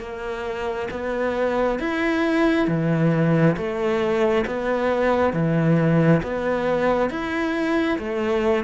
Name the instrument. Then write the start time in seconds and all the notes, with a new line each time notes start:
cello
0.00 A#3
0.91 B3
1.80 E4
2.68 E3
3.57 A3
4.46 B3
5.33 E3
6.23 B3
7.10 E4
7.99 A3